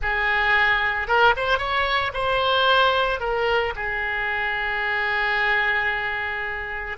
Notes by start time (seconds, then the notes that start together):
0.01 G#4
1.07 A#4
1.36 C5
1.58 C#5
2.13 C5
3.20 A#4
3.75 G#4